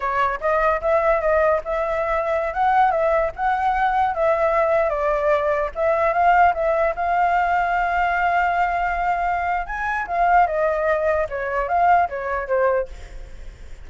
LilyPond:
\new Staff \with { instrumentName = "flute" } { \time 4/4 \tempo 4 = 149 cis''4 dis''4 e''4 dis''4 | e''2~ e''16 fis''4 e''8.~ | e''16 fis''2 e''4.~ e''16~ | e''16 d''2 e''4 f''8.~ |
f''16 e''4 f''2~ f''8.~ | f''1 | gis''4 f''4 dis''2 | cis''4 f''4 cis''4 c''4 | }